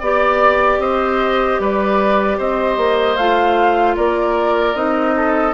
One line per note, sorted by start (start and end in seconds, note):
0.00 0.78 B3
0.00 3.19 G4
0.00 0.79 D5
0.00 0.81 D5
0.78 1.57 C4
0.78 1.61 C5
0.78 1.60 D#5
1.59 2.38 G3
1.59 2.38 B4
1.59 2.40 D5
2.38 2.77 C4
2.38 3.96 C5
2.38 3.17 D#5
2.77 3.17 A#3
3.17 3.96 A3
3.17 4.75 F4
3.17 3.96 F5
3.96 4.75 A#3
3.96 5.15 A#4
3.96 4.76 D5
4.75 5.54 C4
4.75 5.54 D#4
4.75 5.54 D#5
5.16 5.54 A4